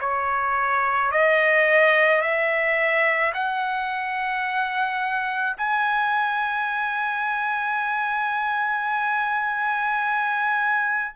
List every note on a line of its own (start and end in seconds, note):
0.00 1.11 C#5
1.12 2.21 D#5
2.21 3.32 E5
3.34 5.56 F#5
5.57 11.13 G#5